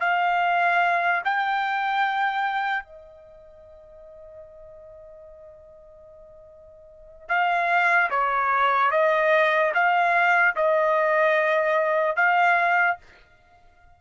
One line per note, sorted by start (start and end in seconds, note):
0.00 1.22 F5
1.24 2.84 G5
2.84 7.28 D#5
7.28 8.09 F5
8.10 8.91 C#5
8.91 9.72 D#5
9.74 10.55 F5
10.56 12.16 D#5
12.16 12.97 F5